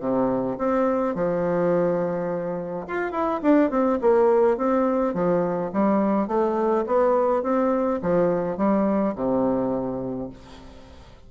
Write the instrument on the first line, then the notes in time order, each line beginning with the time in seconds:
bassoon
0.00 C3
0.58 C4
1.15 F3
2.87 F4
3.12 E4
3.42 D4
3.70 C4
4.01 A#3
4.57 C4
5.14 F3
5.73 G3
6.28 A3
6.86 B3
7.43 C4
8.02 F3
8.57 G3
9.15 C3